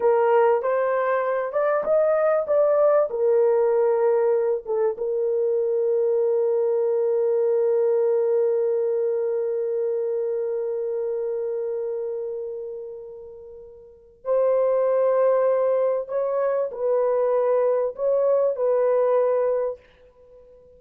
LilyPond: \new Staff \with { instrumentName = "horn" } { \time 4/4 \tempo 4 = 97 ais'4 c''4. d''8 dis''4 | d''4 ais'2~ ais'8 a'8 | ais'1~ | ais'1~ |
ais'1~ | ais'2. c''4~ | c''2 cis''4 b'4~ | b'4 cis''4 b'2 | }